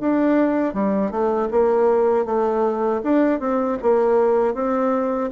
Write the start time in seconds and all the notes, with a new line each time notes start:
0.00 D4
0.74 G3
1.10 A3
1.51 A#3
2.25 A3
3.03 D4
3.39 C4
3.82 A#3
4.54 C4